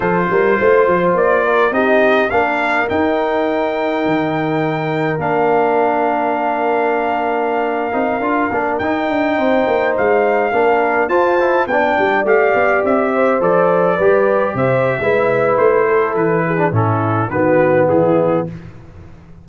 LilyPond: <<
  \new Staff \with { instrumentName = "trumpet" } { \time 4/4 \tempo 4 = 104 c''2 d''4 dis''4 | f''4 g''2.~ | g''4 f''2.~ | f''2.~ f''16 g''8.~ |
g''4~ g''16 f''2 a''8.~ | a''16 g''4 f''4 e''4 d''8.~ | d''4~ d''16 e''4.~ e''16 c''4 | b'4 a'4 b'4 gis'4 | }
  \new Staff \with { instrumentName = "horn" } { \time 4/4 a'8 ais'8 c''4. ais'8 g'4 | ais'1~ | ais'1~ | ais'1~ |
ais'16 c''2 ais'4 c''8.~ | c''16 d''2~ d''8 c''4~ c''16~ | c''16 b'4 c''8. b'4. a'8~ | a'8 gis'8 e'4 fis'4 e'4 | }
  \new Staff \with { instrumentName = "trombone" } { \time 4/4 f'2. dis'4 | d'4 dis'2.~ | dis'4 d'2.~ | d'4.~ d'16 dis'8 f'8 d'8 dis'8.~ |
dis'2~ dis'16 d'4 f'8 e'16~ | e'16 d'4 g'2 a'8.~ | a'16 g'4.~ g'16 e'2~ | e'8. d'16 cis'4 b2 | }
  \new Staff \with { instrumentName = "tuba" } { \time 4/4 f8 g8 a8 f8 ais4 c'4 | ais4 dis'2 dis4~ | dis4 ais2.~ | ais4.~ ais16 c'8 d'8 ais8 dis'8 d'16~ |
d'16 c'8 ais8 gis4 ais4 f'8.~ | f'16 b8 g8 a8 b8 c'4 f8.~ | f16 g4 c8. gis4 a4 | e4 a,4 dis4 e4 | }
>>